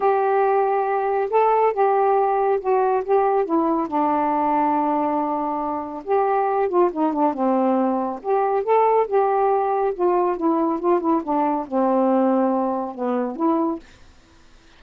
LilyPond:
\new Staff \with { instrumentName = "saxophone" } { \time 4/4 \tempo 4 = 139 g'2. a'4 | g'2 fis'4 g'4 | e'4 d'2.~ | d'2 g'4. f'8 |
dis'8 d'8 c'2 g'4 | a'4 g'2 f'4 | e'4 f'8 e'8 d'4 c'4~ | c'2 b4 e'4 | }